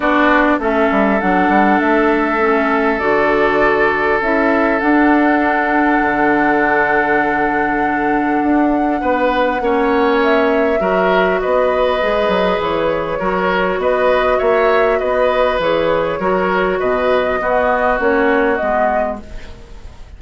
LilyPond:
<<
  \new Staff \with { instrumentName = "flute" } { \time 4/4 \tempo 4 = 100 d''4 e''4 fis''4 e''4~ | e''4 d''2 e''4 | fis''1~ | fis''1~ |
fis''4 e''2 dis''4~ | dis''4 cis''2 dis''4 | e''4 dis''4 cis''2 | dis''2 cis''4 dis''4 | }
  \new Staff \with { instrumentName = "oboe" } { \time 4/4 fis'4 a'2.~ | a'1~ | a'1~ | a'2. b'4 |
cis''2 ais'4 b'4~ | b'2 ais'4 b'4 | cis''4 b'2 ais'4 | b'4 fis'2. | }
  \new Staff \with { instrumentName = "clarinet" } { \time 4/4 d'4 cis'4 d'2 | cis'4 fis'2 e'4 | d'1~ | d'1 |
cis'2 fis'2 | gis'2 fis'2~ | fis'2 gis'4 fis'4~ | fis'4 b4 cis'4 b4 | }
  \new Staff \with { instrumentName = "bassoon" } { \time 4/4 b4 a8 g8 fis8 g8 a4~ | a4 d2 cis'4 | d'2 d2~ | d2 d'4 b4 |
ais2 fis4 b4 | gis8 fis8 e4 fis4 b4 | ais4 b4 e4 fis4 | b,4 b4 ais4 gis4 | }
>>